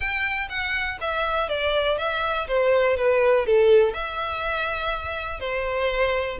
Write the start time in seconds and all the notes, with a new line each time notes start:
0.00 G5
0.49 F#5
1.00 E5
1.48 D5
1.98 E5
2.47 C5
2.96 B4
3.46 A4
3.93 E5
5.40 C5